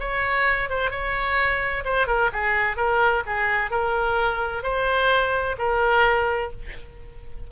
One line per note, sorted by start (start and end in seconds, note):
0.00 0.70 C#5
0.70 0.91 C5
0.91 1.84 C#5
1.85 2.07 C5
2.07 2.31 A#4
2.33 2.77 G#4
2.77 3.23 A#4
3.27 3.71 G#4
3.71 4.63 A#4
4.63 5.56 C5
5.59 6.52 A#4